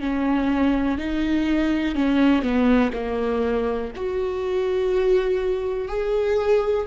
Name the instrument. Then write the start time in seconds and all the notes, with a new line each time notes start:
viola
0.00 C#4
0.98 D#4
1.95 C#4
2.42 B3
2.93 A#3
3.96 F#4
5.88 G#4